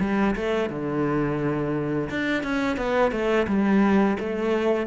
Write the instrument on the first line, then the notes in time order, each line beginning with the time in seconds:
cello
0.00 G3
0.36 A3
0.69 D3
2.09 D4
2.43 C#4
2.77 B3
3.11 A3
3.47 G3
4.19 A3